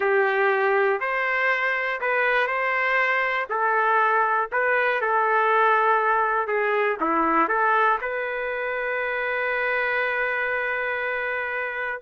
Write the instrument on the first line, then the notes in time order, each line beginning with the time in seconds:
trumpet
0.00 G4
1.00 C5
2.00 B4
2.47 C5
3.49 A4
4.51 B4
5.01 A4
6.47 G#4
7.00 E4
7.48 A4
8.01 B4